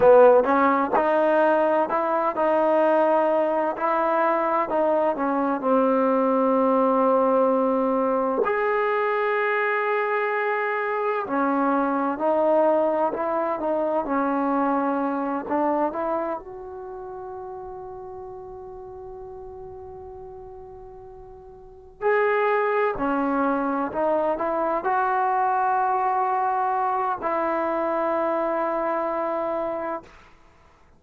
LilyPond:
\new Staff \with { instrumentName = "trombone" } { \time 4/4 \tempo 4 = 64 b8 cis'8 dis'4 e'8 dis'4. | e'4 dis'8 cis'8 c'2~ | c'4 gis'2. | cis'4 dis'4 e'8 dis'8 cis'4~ |
cis'8 d'8 e'8 fis'2~ fis'8~ | fis'2.~ fis'8 gis'8~ | gis'8 cis'4 dis'8 e'8 fis'4.~ | fis'4 e'2. | }